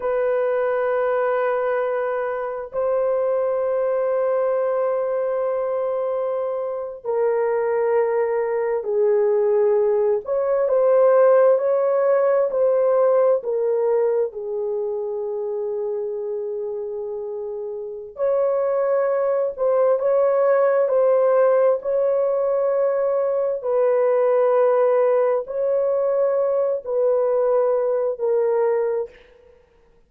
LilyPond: \new Staff \with { instrumentName = "horn" } { \time 4/4 \tempo 4 = 66 b'2. c''4~ | c''2.~ c''8. ais'16~ | ais'4.~ ais'16 gis'4. cis''8 c''16~ | c''8. cis''4 c''4 ais'4 gis'16~ |
gis'1 | cis''4. c''8 cis''4 c''4 | cis''2 b'2 | cis''4. b'4. ais'4 | }